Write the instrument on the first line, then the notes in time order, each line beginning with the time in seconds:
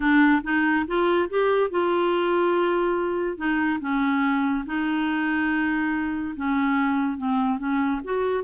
clarinet
0.00 D4
0.43 D#4
0.87 F4
1.29 G4
1.70 F4
3.37 D#4
3.80 C#4
4.66 D#4
6.36 C#4
7.17 C4
7.58 C#4
8.03 F#4